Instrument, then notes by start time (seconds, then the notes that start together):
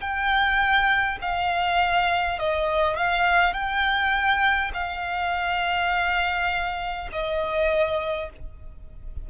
violin
0.00 G5
1.21 F5
2.39 D#5
2.96 F5
3.53 G5
4.73 F5
7.12 D#5